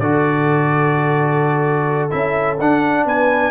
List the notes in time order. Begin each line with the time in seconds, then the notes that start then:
0.00 D3 F#4 A4 D5
2.10 C#4 E4 E5
2.61 D4 F#5
3.06 B3 B4 G#5